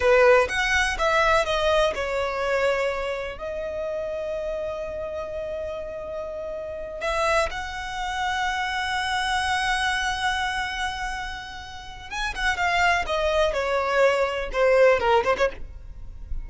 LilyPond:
\new Staff \with { instrumentName = "violin" } { \time 4/4 \tempo 4 = 124 b'4 fis''4 e''4 dis''4 | cis''2. dis''4~ | dis''1~ | dis''2~ dis''8 e''4 fis''8~ |
fis''1~ | fis''1~ | fis''4 gis''8 fis''8 f''4 dis''4 | cis''2 c''4 ais'8 c''16 cis''16 | }